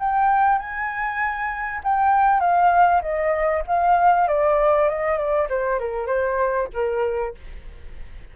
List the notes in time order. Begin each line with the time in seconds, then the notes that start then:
0.00 G5
0.59 G#5
1.84 G5
2.40 F5
3.02 D#5
3.67 F5
4.28 D5
4.89 D#5
5.18 D5
5.50 C5
5.79 A#4
6.07 C5
6.74 A#4